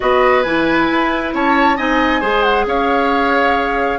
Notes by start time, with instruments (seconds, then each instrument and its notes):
0.00 bassoon B3, clarinet F#4, oboe B4, flute D#5
0.42 bassoon E3, clarinet E4, flute G#5
0.90 bassoon E4
1.33 bassoon C#4, oboe C#5, flute A5
1.76 bassoon C4, clarinet D#4, oboe D#5, flute G#5
2.20 bassoon G#3, clarinet G#4, oboe C5
2.42 flute F#5
2.66 bassoon C#4, oboe C#5, flute F5